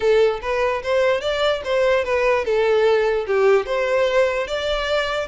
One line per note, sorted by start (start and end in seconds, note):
0.00 0.40 A4
0.41 0.82 B4
0.83 1.21 C5
1.21 1.61 D5
1.64 2.04 C5
2.04 2.44 B4
2.45 3.26 A4
3.26 3.66 G4
3.66 4.47 C5
4.47 5.28 D5